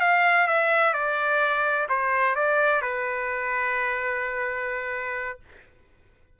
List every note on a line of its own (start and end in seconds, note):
0.00 0.47 F5
0.47 0.93 E5
0.93 1.87 D5
1.89 2.35 C5
2.35 2.81 D5
2.81 5.39 B4